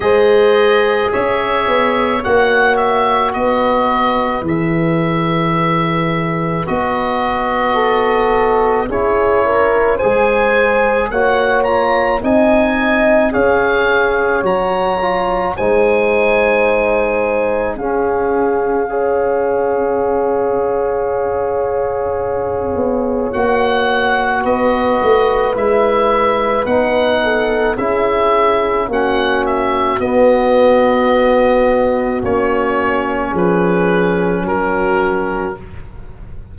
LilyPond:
<<
  \new Staff \with { instrumentName = "oboe" } { \time 4/4 \tempo 4 = 54 dis''4 e''4 fis''8 e''8 dis''4 | e''2 dis''2 | cis''4 gis''4 fis''8 ais''8 gis''4 | f''4 ais''4 gis''2 |
f''1~ | f''4 fis''4 dis''4 e''4 | fis''4 e''4 fis''8 e''8 dis''4~ | dis''4 cis''4 b'4 ais'4 | }
  \new Staff \with { instrumentName = "horn" } { \time 4/4 c''4 cis''2 b'4~ | b'2. a'4 | gis'8 ais'8 c''4 cis''4 dis''4 | cis''2 c''2 |
gis'4 cis''2.~ | cis''2 b'2~ | b'8 a'8 gis'4 fis'2~ | fis'2 gis'4 fis'4 | }
  \new Staff \with { instrumentName = "trombone" } { \time 4/4 gis'2 fis'2 | gis'2 fis'2 | e'4 gis'4 fis'8 f'8 dis'4 | gis'4 fis'8 f'8 dis'2 |
cis'4 gis'2.~ | gis'4 fis'2 e'4 | dis'4 e'4 cis'4 b4~ | b4 cis'2. | }
  \new Staff \with { instrumentName = "tuba" } { \time 4/4 gis4 cis'8 b8 ais4 b4 | e2 b2 | cis'4 gis4 ais4 c'4 | cis'4 fis4 gis2 |
cis'1~ | cis'8 b8 ais4 b8 a8 gis4 | b4 cis'4 ais4 b4~ | b4 ais4 f4 fis4 | }
>>